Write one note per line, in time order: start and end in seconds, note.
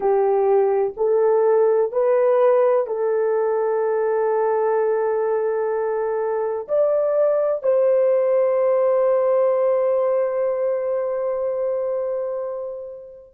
0.00 0.93 G4
0.96 1.91 A4
1.91 2.86 B4
2.86 6.67 A4
6.68 7.62 D5
7.62 13.33 C5